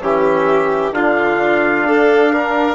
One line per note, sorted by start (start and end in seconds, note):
0.00 0.91 E3
0.00 0.92 C#4
0.00 0.94 G4
0.00 0.93 E5
0.91 1.83 D3
0.91 2.75 D4
0.91 1.87 F4
0.91 2.75 F5
1.83 2.75 D4
1.83 2.32 A4
2.32 2.75 A#4